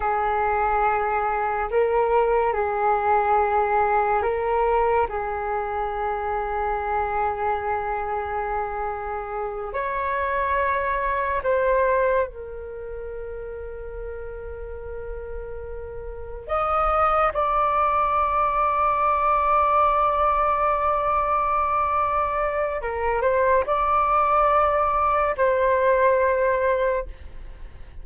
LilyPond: \new Staff \with { instrumentName = "flute" } { \time 4/4 \tempo 4 = 71 gis'2 ais'4 gis'4~ | gis'4 ais'4 gis'2~ | gis'2.~ gis'8 cis''8~ | cis''4. c''4 ais'4.~ |
ais'2.~ ais'8 dis''8~ | dis''8 d''2.~ d''8~ | d''2. ais'8 c''8 | d''2 c''2 | }